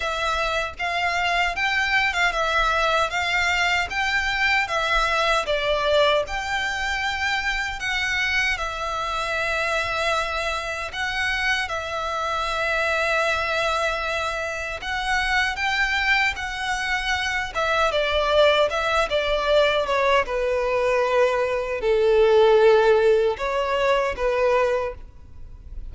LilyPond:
\new Staff \with { instrumentName = "violin" } { \time 4/4 \tempo 4 = 77 e''4 f''4 g''8. f''16 e''4 | f''4 g''4 e''4 d''4 | g''2 fis''4 e''4~ | e''2 fis''4 e''4~ |
e''2. fis''4 | g''4 fis''4. e''8 d''4 | e''8 d''4 cis''8 b'2 | a'2 cis''4 b'4 | }